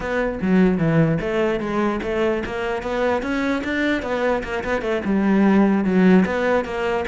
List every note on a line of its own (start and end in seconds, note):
0.00 0.38 B3
0.41 0.78 F#3
0.78 1.18 E3
1.20 1.59 A3
1.59 2.00 G#3
2.02 2.43 A3
2.45 2.82 A#3
2.82 3.22 B3
3.22 3.62 C#4
3.64 4.02 D4
4.02 4.42 B3
4.43 4.63 A#3
4.64 4.81 B3
4.81 5.01 A3
5.04 5.84 G3
5.84 6.24 F#3
6.25 6.64 B3
6.64 7.05 A#3